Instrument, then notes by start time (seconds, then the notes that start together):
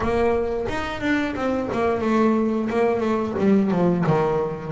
double bass
0.00 A#3
0.68 D#4
1.01 D4
1.35 C4
1.72 A#3
2.01 A3
2.69 A#3
3.00 A3
3.38 G3
3.70 F3
4.06 D#3